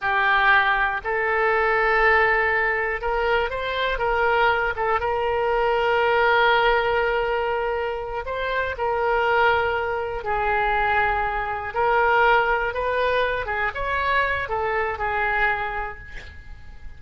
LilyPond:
\new Staff \with { instrumentName = "oboe" } { \time 4/4 \tempo 4 = 120 g'2 a'2~ | a'2 ais'4 c''4 | ais'4. a'8 ais'2~ | ais'1~ |
ais'8 c''4 ais'2~ ais'8~ | ais'8 gis'2. ais'8~ | ais'4. b'4. gis'8 cis''8~ | cis''4 a'4 gis'2 | }